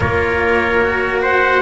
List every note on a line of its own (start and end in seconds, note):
0.00 1.61 A#3
0.00 0.81 F4
0.00 1.22 A#4
0.00 1.22 C#5
0.81 1.61 F#4
1.22 1.61 C5
1.22 1.61 F#5